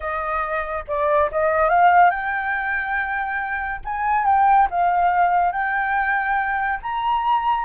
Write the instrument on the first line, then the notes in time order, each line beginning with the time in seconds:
flute
0.00 D#5
0.87 D5
1.31 D#5
1.69 F5
2.10 G5
3.85 G#5
4.25 G5
4.70 F5
5.52 G5
6.82 A#5